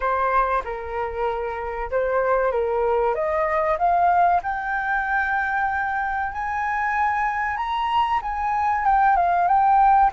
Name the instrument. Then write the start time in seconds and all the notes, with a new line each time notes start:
flute
0.00 C5
0.64 A#4
1.90 C5
2.51 A#4
3.14 D#5
3.78 F5
4.42 G5
6.32 G#5
7.56 A#5
8.22 G#5
8.85 G5
9.16 F5
9.47 G5